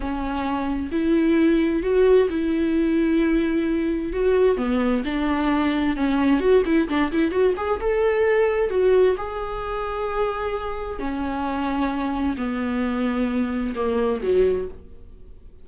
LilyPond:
\new Staff \with { instrumentName = "viola" } { \time 4/4 \tempo 4 = 131 cis'2 e'2 | fis'4 e'2.~ | e'4 fis'4 b4 d'4~ | d'4 cis'4 fis'8 e'8 d'8 e'8 |
fis'8 gis'8 a'2 fis'4 | gis'1 | cis'2. b4~ | b2 ais4 fis4 | }